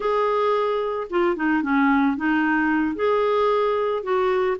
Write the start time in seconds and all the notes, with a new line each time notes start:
0.00 G#4
1.10 F4
1.36 D#4
1.62 C#4
2.16 D#4
2.95 G#4
4.03 F#4